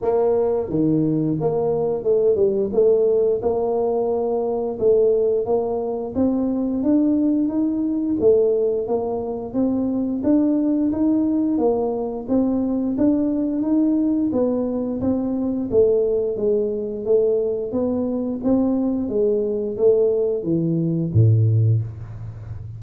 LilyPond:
\new Staff \with { instrumentName = "tuba" } { \time 4/4 \tempo 4 = 88 ais4 dis4 ais4 a8 g8 | a4 ais2 a4 | ais4 c'4 d'4 dis'4 | a4 ais4 c'4 d'4 |
dis'4 ais4 c'4 d'4 | dis'4 b4 c'4 a4 | gis4 a4 b4 c'4 | gis4 a4 e4 a,4 | }